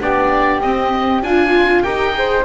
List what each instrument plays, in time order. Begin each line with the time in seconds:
0.00 double bass B3, viola D4, flute G4, oboe D5
0.61 double bass C4, viola C4, oboe D#5
1.22 double bass D4, viola F4, flute F4, oboe G#5
1.83 double bass D#4, viola G4, flute A#4, oboe G5
2.13 viola G#4, flute C5